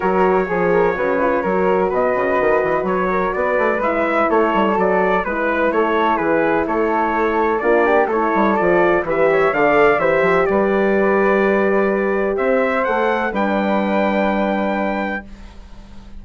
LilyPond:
<<
  \new Staff \with { instrumentName = "trumpet" } { \time 4/4 \tempo 4 = 126 cis''1 | dis''2 cis''4 d''4 | e''4 cis''4 d''4 b'4 | cis''4 b'4 cis''2 |
d''4 cis''4 d''4 e''4 | f''4 e''4 d''2~ | d''2 e''4 fis''4 | g''1 | }
  \new Staff \with { instrumentName = "flute" } { \time 4/4 ais'4 gis'8 ais'8 b'4 ais'4 | b'2~ b'8 ais'8 b'4~ | b'4 a'2 b'4 | a'4 gis'4 a'2 |
f'8 g'8 a'2 b'8 cis''8 | d''4 c''4 b'2~ | b'2 c''2 | b'1 | }
  \new Staff \with { instrumentName = "horn" } { \time 4/4 fis'4 gis'4 fis'8 f'8 fis'4~ | fis'1 | e'2 fis'4 e'4~ | e'1 |
d'4 e'4 f'4 g'4 | a'4 g'2.~ | g'2. a'4 | d'1 | }
  \new Staff \with { instrumentName = "bassoon" } { \time 4/4 fis4 f4 cis4 fis4 | b,8 cis8 dis8 e8 fis4 b8 a8 | gis4 a8 g8 fis4 gis4 | a4 e4 a2 |
ais4 a8 g8 f4 e4 | d4 e8 f8 g2~ | g2 c'4 a4 | g1 | }
>>